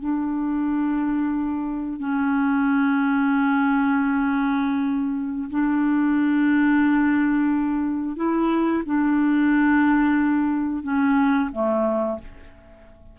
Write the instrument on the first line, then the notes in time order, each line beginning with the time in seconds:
clarinet
0.00 D4
2.00 C#4
5.51 D4
8.17 E4
8.85 D4
10.83 C#4
11.52 A3